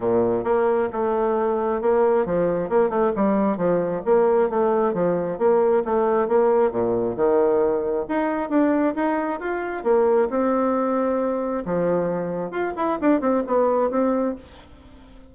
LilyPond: \new Staff \with { instrumentName = "bassoon" } { \time 4/4 \tempo 4 = 134 ais,4 ais4 a2 | ais4 f4 ais8 a8 g4 | f4 ais4 a4 f4 | ais4 a4 ais4 ais,4 |
dis2 dis'4 d'4 | dis'4 f'4 ais4 c'4~ | c'2 f2 | f'8 e'8 d'8 c'8 b4 c'4 | }